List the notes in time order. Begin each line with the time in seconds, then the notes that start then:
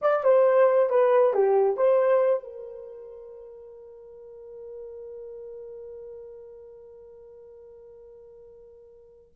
0.01 D5
0.23 C5
0.89 B4
1.33 G4
1.77 C5
2.43 A#4